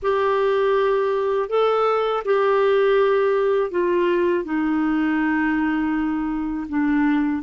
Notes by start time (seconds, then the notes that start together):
0.02 G4
1.49 A4
2.24 G4
3.70 F4
4.44 D#4
6.68 D4